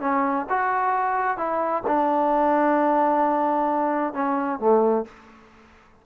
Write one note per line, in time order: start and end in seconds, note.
0.00 0.46 C#4
0.49 1.37 F#4
1.37 1.83 E4
1.87 4.13 D4
4.13 4.59 C#4
4.59 5.05 A3